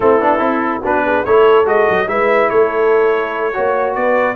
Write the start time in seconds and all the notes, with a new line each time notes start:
0.00 A3 C4 E4 A4
0.20 B3 D4
0.39 C4 E4
0.81 B3 D4 F#4 B4
1.05 G#4
1.25 A3 E4 A4 C#5
1.65 G#3 F#4 D#5
1.89 F#3
2.07 G#3 E4 B4 E5
2.49 A3 A4 C#5
3.53 A#3 F#4 C#5
3.94 B3 B4 D5